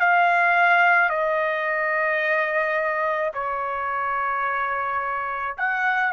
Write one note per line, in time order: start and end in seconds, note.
0.00 1.10 F5
1.10 3.32 D#5
3.34 5.56 C#5
5.58 6.13 F#5